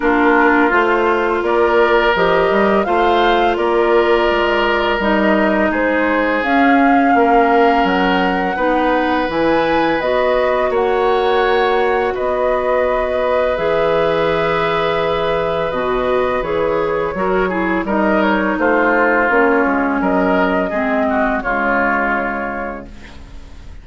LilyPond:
<<
  \new Staff \with { instrumentName = "flute" } { \time 4/4 \tempo 4 = 84 ais'4 c''4 d''4 dis''4 | f''4 d''2 dis''4 | c''4 f''2 fis''4~ | fis''4 gis''4 dis''4 fis''4~ |
fis''4 dis''2 e''4~ | e''2 dis''4 cis''4~ | cis''4 dis''8 cis''8 c''4 cis''4 | dis''2 cis''2 | }
  \new Staff \with { instrumentName = "oboe" } { \time 4/4 f'2 ais'2 | c''4 ais'2. | gis'2 ais'2 | b'2. cis''4~ |
cis''4 b'2.~ | b'1 | ais'8 gis'8 ais'4 f'2 | ais'4 gis'8 fis'8 f'2 | }
  \new Staff \with { instrumentName = "clarinet" } { \time 4/4 d'4 f'2 g'4 | f'2. dis'4~ | dis'4 cis'2. | dis'4 e'4 fis'2~ |
fis'2. gis'4~ | gis'2 fis'4 gis'4 | fis'8 e'8 dis'2 cis'4~ | cis'4 c'4 gis2 | }
  \new Staff \with { instrumentName = "bassoon" } { \time 4/4 ais4 a4 ais4 f8 g8 | a4 ais4 gis4 g4 | gis4 cis'4 ais4 fis4 | b4 e4 b4 ais4~ |
ais4 b2 e4~ | e2 b,4 e4 | fis4 g4 a4 ais8 gis8 | fis4 gis4 cis2 | }
>>